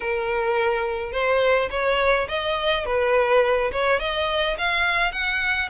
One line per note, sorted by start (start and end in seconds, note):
0.00 1.12 A#4
1.12 1.69 C5
1.70 2.27 C#5
2.28 2.85 D#5
2.85 3.71 B4
3.72 3.99 C#5
3.99 4.56 D#5
4.58 5.12 F5
5.12 5.69 F#5